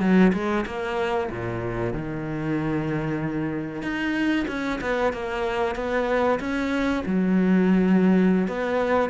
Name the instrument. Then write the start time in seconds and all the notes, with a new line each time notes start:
cello
0.00 F#3
0.33 G#3
0.66 A#3
1.31 A#2
1.93 D#3
3.82 D#4
4.48 C#4
4.81 B3
5.13 A#3
5.75 B3
6.39 C#4
7.06 F#3
8.48 B3